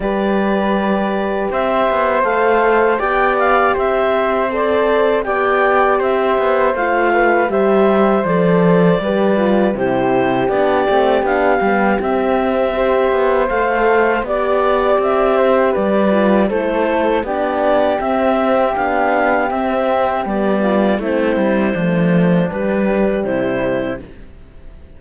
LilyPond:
<<
  \new Staff \with { instrumentName = "clarinet" } { \time 4/4 \tempo 4 = 80 d''2 e''4 f''4 | g''8 f''8 e''4 d''4 g''4 | e''4 f''4 e''4 d''4~ | d''4 c''4 d''4 f''4 |
e''2 f''4 d''4 | e''4 d''4 c''4 d''4 | e''4 f''4 e''4 d''4 | c''2 b'4 c''4 | }
  \new Staff \with { instrumentName = "flute" } { \time 4/4 b'2 c''2 | d''4 c''2 d''4 | c''4. b'8 c''2 | b'4 g'2.~ |
g'4 c''2 d''4~ | d''8 c''8 b'4 a'4 g'4~ | g'2.~ g'8 f'8 | e'4 d'2 e'4 | }
  \new Staff \with { instrumentName = "horn" } { \time 4/4 g'2. a'4 | g'2 a'4 g'4~ | g'4 f'4 g'4 a'4 | g'8 f'8 e'4 d'8 c'8 d'8 b8 |
c'4 g'4 a'4 g'4~ | g'4. f'8 e'4 d'4 | c'4 d'4 c'4 b4 | c'4 a4 g2 | }
  \new Staff \with { instrumentName = "cello" } { \time 4/4 g2 c'8 b8 a4 | b4 c'2 b4 | c'8 b8 a4 g4 f4 | g4 c4 b8 a8 b8 g8 |
c'4. b8 a4 b4 | c'4 g4 a4 b4 | c'4 b4 c'4 g4 | a8 g8 f4 g4 c4 | }
>>